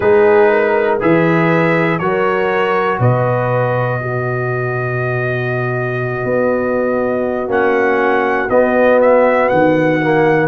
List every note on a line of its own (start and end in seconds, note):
0.00 1.00 G#3
0.00 1.00 D#4
0.00 0.50 G#4
0.00 0.98 B4
0.50 1.00 A#4
1.00 2.00 E3
1.00 2.00 G#4
1.00 2.00 B4
1.00 1.99 E5
1.99 2.99 F#3
1.99 4.00 F#4
1.99 2.99 A#4
1.99 2.99 C#5
2.99 6.24 B2
2.99 3.99 B4
2.99 7.50 D#5
4.00 7.48 B3
4.00 10.47 F#4
6.24 7.48 B3
7.48 8.48 A#3
7.48 8.48 C#4
7.48 8.49 F#5
8.49 9.49 B3
8.49 10.00 B3
8.49 8.99 D#5
9.01 9.49 E5
9.49 10.47 D#3
9.49 10.47 F#5
10.01 10.47 A#3